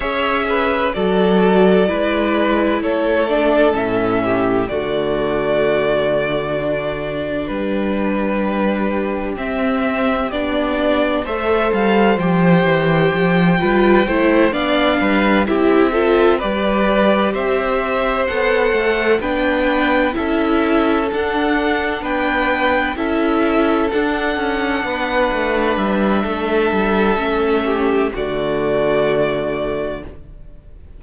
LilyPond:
<<
  \new Staff \with { instrumentName = "violin" } { \time 4/4 \tempo 4 = 64 e''4 d''2 cis''8 d''8 | e''4 d''2. | b'2 e''4 d''4 | e''8 f''8 g''2~ g''8 f''8~ |
f''8 e''4 d''4 e''4 fis''8~ | fis''8 g''4 e''4 fis''4 g''8~ | g''8 e''4 fis''2 e''8~ | e''2 d''2 | }
  \new Staff \with { instrumentName = "violin" } { \time 4/4 cis''8 b'8 a'4 b'4 a'4~ | a'8 g'8 fis'2. | g'1 | c''2~ c''8 b'8 c''8 d''8 |
b'8 g'8 a'8 b'4 c''4.~ | c''8 b'4 a'2 b'8~ | b'8 a'2 b'4. | a'4. g'8 fis'2 | }
  \new Staff \with { instrumentName = "viola" } { \time 4/4 gis'4 fis'4 e'4. d'8 | cis'4 a2 d'4~ | d'2 c'4 d'4 | a'4 g'4. f'8 e'8 d'8~ |
d'8 e'8 f'8 g'2 a'8~ | a'8 d'4 e'4 d'4.~ | d'8 e'4 d'2~ d'8~ | d'4 cis'4 a2 | }
  \new Staff \with { instrumentName = "cello" } { \time 4/4 cis'4 fis4 gis4 a4 | a,4 d2. | g2 c'4 b4 | a8 g8 f8 e8 f8 g8 a8 b8 |
g8 c'4 g4 c'4 b8 | a8 b4 cis'4 d'4 b8~ | b8 cis'4 d'8 cis'8 b8 a8 g8 | a8 g8 a4 d2 | }
>>